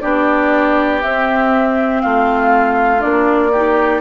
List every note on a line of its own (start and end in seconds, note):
0.00 1.03 B3
0.00 1.01 D4
0.00 2.02 G4
0.00 1.00 D5
1.01 2.99 C4
1.01 2.03 C4
1.01 2.01 E5
2.01 3.04 A3
2.01 3.51 F4
2.01 3.01 F5
2.99 4.01 A#3
2.99 3.49 D4
2.99 4.01 D5
3.51 4.01 D#4
3.51 4.01 G4